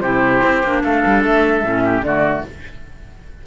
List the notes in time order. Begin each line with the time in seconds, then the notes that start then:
0.00 C3 E4 G4 C5
0.43 C4
0.63 A#3 D4
0.82 A3 A4 F5
1.06 G3
1.24 A3 E5
1.64 A2 C#4
1.84 G4
2.01 D3 A3 F#4 D5